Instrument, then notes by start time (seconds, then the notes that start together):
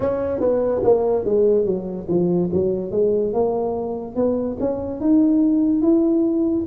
tuba
0.00 C#4
0.39 B3
0.83 A#3
1.24 G#3
1.65 F#3
2.08 F3
2.52 F#3
2.91 G#3
3.33 A#3
4.15 B3
4.59 C#4
5.00 D#4
5.82 E4